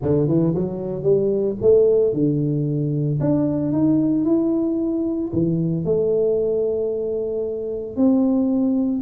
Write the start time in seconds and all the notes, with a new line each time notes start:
0.02 D3
0.27 E3
0.55 F#3
1.02 G3
1.61 A3
2.13 D3
3.20 D4
3.72 D#4
4.25 E4
5.32 E3
5.85 A3
7.96 C4